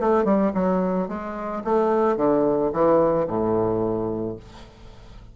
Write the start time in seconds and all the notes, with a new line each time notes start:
0.00 A3
0.25 G3
0.55 F#3
1.08 G#3
1.64 A3
2.17 D3
2.73 E3
3.28 A2